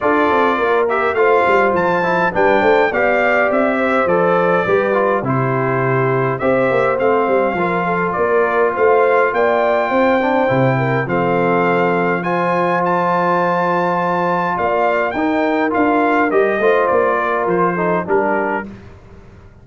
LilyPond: <<
  \new Staff \with { instrumentName = "trumpet" } { \time 4/4 \tempo 4 = 103 d''4. e''8 f''4 a''4 | g''4 f''4 e''4 d''4~ | d''4 c''2 e''4 | f''2 d''4 f''4 |
g''2. f''4~ | f''4 gis''4 a''2~ | a''4 f''4 g''4 f''4 | dis''4 d''4 c''4 ais'4 | }
  \new Staff \with { instrumentName = "horn" } { \time 4/4 a'4 ais'4 c''2 | b'8 c''8 d''4. c''4. | b'4 g'2 c''4~ | c''4 ais'8 a'8 ais'4 c''4 |
d''4 c''4. ais'8 a'4~ | a'4 c''2.~ | c''4 d''4 ais'2~ | ais'8 c''4 ais'4 a'8 g'4 | }
  \new Staff \with { instrumentName = "trombone" } { \time 4/4 f'4. g'8 f'4. e'8 | d'4 g'2 a'4 | g'8 f'8 e'2 g'4 | c'4 f'2.~ |
f'4. d'8 e'4 c'4~ | c'4 f'2.~ | f'2 dis'4 f'4 | g'8 f'2 dis'8 d'4 | }
  \new Staff \with { instrumentName = "tuba" } { \time 4/4 d'8 c'8 ais4 a8 g8 f4 | g8 a8 b4 c'4 f4 | g4 c2 c'8 ais8 | a8 g8 f4 ais4 a4 |
ais4 c'4 c4 f4~ | f1~ | f4 ais4 dis'4 d'4 | g8 a8 ais4 f4 g4 | }
>>